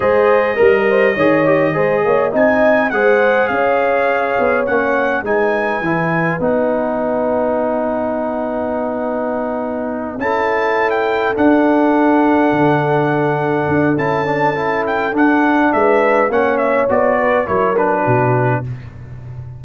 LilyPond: <<
  \new Staff \with { instrumentName = "trumpet" } { \time 4/4 \tempo 4 = 103 dis''1 | gis''4 fis''4 f''2 | fis''4 gis''2 fis''4~ | fis''1~ |
fis''4. a''4~ a''16 g''8. fis''8~ | fis''1 | a''4. g''8 fis''4 e''4 | fis''8 e''8 d''4 cis''8 b'4. | }
  \new Staff \with { instrumentName = "horn" } { \time 4/4 c''4 ais'8 c''8 cis''4 c''8 cis''8 | dis''4 c''4 cis''2~ | cis''4 b'2.~ | b'1~ |
b'4. a'2~ a'8~ | a'1~ | a'2. b'4 | cis''4. b'8 ais'4 fis'4 | }
  \new Staff \with { instrumentName = "trombone" } { \time 4/4 gis'4 ais'4 gis'8 g'8 gis'4 | dis'4 gis'2. | cis'4 dis'4 e'4 dis'4~ | dis'1~ |
dis'4. e'2 d'8~ | d'1 | e'8 d'8 e'4 d'2 | cis'4 fis'4 e'8 d'4. | }
  \new Staff \with { instrumentName = "tuba" } { \time 4/4 gis4 g4 dis4 gis8 ais8 | c'4 gis4 cis'4. b8 | ais4 gis4 e4 b4~ | b1~ |
b4. cis'2 d'8~ | d'4. d2 d'8 | cis'2 d'4 gis4 | ais4 b4 fis4 b,4 | }
>>